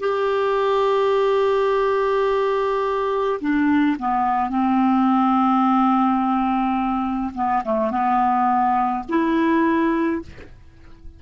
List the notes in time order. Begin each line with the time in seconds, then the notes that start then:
0.00 G4
3.40 D4
3.99 B3
4.50 C4
7.34 B3
7.64 A3
7.90 B3
9.08 E4